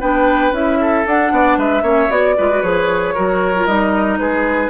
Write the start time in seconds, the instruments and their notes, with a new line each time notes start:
0.00 bassoon B3, clarinet D4, oboe B4, flute G5
0.51 bassoon C#4, clarinet E4, flute E5
0.80 oboe A4
1.06 bassoon D4, clarinet D4, flute F#5
1.31 bassoon B3, oboe D5
1.57 bassoon G#3, oboe B4, flute E5
1.82 bassoon A#3, clarinet C#4, oboe C#5
2.10 bassoon B3, clarinet F#4, flute D5
2.38 bassoon G#3, clarinet F4, oboe B4
2.51 clarinet F#4
2.62 bassoon F3, clarinet G#4, flute C#5
3.14 bassoon F#3, clarinet F#4, oboe A#4
3.56 clarinet F4
3.66 bassoon G3, clarinet D#4, flute D#5
4.19 bassoon G#3, oboe G#4, flute B4